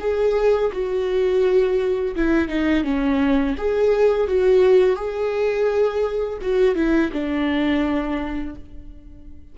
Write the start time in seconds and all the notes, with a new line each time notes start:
0.00 G#4
0.72 F#4
2.16 E4
2.49 D#4
2.84 C#4
3.58 G#4
4.28 F#4
4.96 G#4
6.42 F#4
6.75 E4
7.12 D4